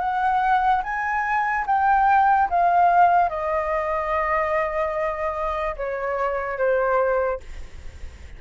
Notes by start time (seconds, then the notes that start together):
0.00 F#5
0.83 G#5
1.67 G5
2.50 F5
3.30 D#5
5.77 C#5
6.58 C5